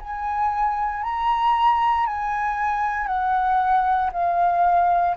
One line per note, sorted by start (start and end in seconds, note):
0.00 1.03 G#5
1.03 2.06 A#5
2.06 3.07 G#5
3.07 4.11 F#5
4.13 5.16 F5